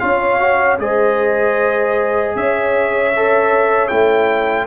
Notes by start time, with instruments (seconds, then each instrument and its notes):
0.00 tuba C#4, trombone F4, horn C#5, trumpet F5
0.39 trombone F#4
0.79 tuba G#3, trombone G#4, horn C5, trumpet D#5
2.36 tuba C#4, horn C#5, trumpet E5
3.16 trombone A4
3.88 tuba A3, trombone E4, trumpet G5